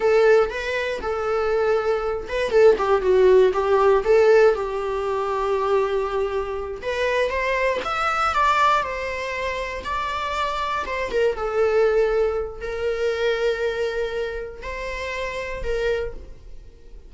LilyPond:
\new Staff \with { instrumentName = "viola" } { \time 4/4 \tempo 4 = 119 a'4 b'4 a'2~ | a'8 b'8 a'8 g'8 fis'4 g'4 | a'4 g'2.~ | g'4. b'4 c''4 e''8~ |
e''8 d''4 c''2 d''8~ | d''4. c''8 ais'8 a'4.~ | a'4 ais'2.~ | ais'4 c''2 ais'4 | }